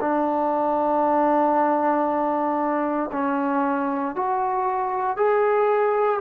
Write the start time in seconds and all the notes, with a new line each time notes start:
0.00 D4
3.12 C#4
4.15 F#4
5.16 G#4